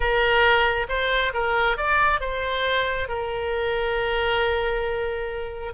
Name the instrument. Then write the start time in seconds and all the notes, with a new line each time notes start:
oboe
0.00 A#4
0.88 C5
1.33 A#4
1.77 D5
2.20 C5
3.08 A#4